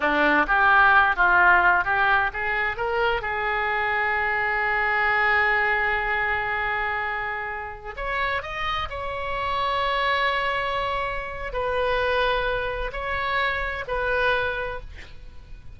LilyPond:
\new Staff \with { instrumentName = "oboe" } { \time 4/4 \tempo 4 = 130 d'4 g'4. f'4. | g'4 gis'4 ais'4 gis'4~ | gis'1~ | gis'1~ |
gis'4~ gis'16 cis''4 dis''4 cis''8.~ | cis''1~ | cis''4 b'2. | cis''2 b'2 | }